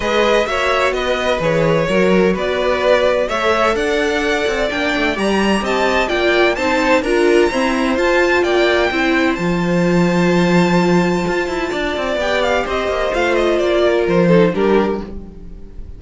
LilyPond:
<<
  \new Staff \with { instrumentName = "violin" } { \time 4/4 \tempo 4 = 128 dis''4 e''4 dis''4 cis''4~ | cis''4 d''2 e''4 | fis''2 g''4 ais''4 | a''4 g''4 a''4 ais''4~ |
ais''4 a''4 g''2 | a''1~ | a''2 g''8 f''8 dis''4 | f''8 dis''8 d''4 c''4 ais'4 | }
  \new Staff \with { instrumentName = "violin" } { \time 4/4 b'4 cis''4 b'2 | ais'4 b'2 cis''4 | d''1 | dis''4 d''4 c''4 ais'4 |
c''2 d''4 c''4~ | c''1~ | c''4 d''2 c''4~ | c''4. ais'4 a'8 g'4 | }
  \new Staff \with { instrumentName = "viola" } { \time 4/4 gis'4 fis'2 gis'4 | fis'2. a'4~ | a'2 d'4 g'4~ | g'4 f'4 dis'4 f'4 |
c'4 f'2 e'4 | f'1~ | f'2 g'2 | f'2~ f'8 dis'8 d'4 | }
  \new Staff \with { instrumentName = "cello" } { \time 4/4 gis4 ais4 b4 e4 | fis4 b2 a4 | d'4. c'8 ais8 a8 g4 | c'4 ais4 c'4 d'4 |
e'4 f'4 ais4 c'4 | f1 | f'8 e'8 d'8 c'8 b4 c'8 ais8 | a4 ais4 f4 g4 | }
>>